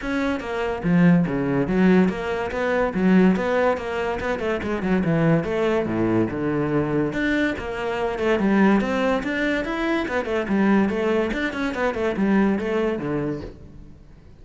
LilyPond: \new Staff \with { instrumentName = "cello" } { \time 4/4 \tempo 4 = 143 cis'4 ais4 f4 cis4 | fis4 ais4 b4 fis4 | b4 ais4 b8 a8 gis8 fis8 | e4 a4 a,4 d4~ |
d4 d'4 ais4. a8 | g4 c'4 d'4 e'4 | b8 a8 g4 a4 d'8 cis'8 | b8 a8 g4 a4 d4 | }